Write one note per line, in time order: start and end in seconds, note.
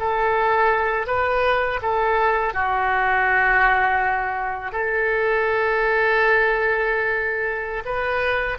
0.00 1.07 A4
1.07 1.80 B4
1.82 2.54 A4
2.54 4.72 F#4
4.72 7.83 A4
7.85 8.58 B4